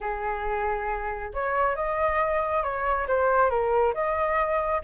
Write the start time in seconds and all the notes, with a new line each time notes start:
0.01 G#4
1.33 C#5
1.75 D#5
2.63 C#5
3.07 C5
3.50 A#4
3.94 D#5